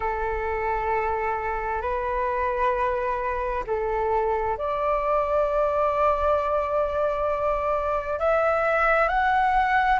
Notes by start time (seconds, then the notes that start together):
0.00 A4
1.81 B4
3.67 A4
4.57 D5
8.19 E5
9.08 F#5